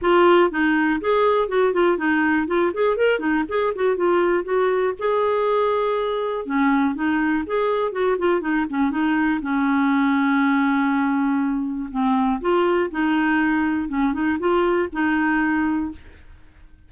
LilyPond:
\new Staff \with { instrumentName = "clarinet" } { \time 4/4 \tempo 4 = 121 f'4 dis'4 gis'4 fis'8 f'8 | dis'4 f'8 gis'8 ais'8 dis'8 gis'8 fis'8 | f'4 fis'4 gis'2~ | gis'4 cis'4 dis'4 gis'4 |
fis'8 f'8 dis'8 cis'8 dis'4 cis'4~ | cis'1 | c'4 f'4 dis'2 | cis'8 dis'8 f'4 dis'2 | }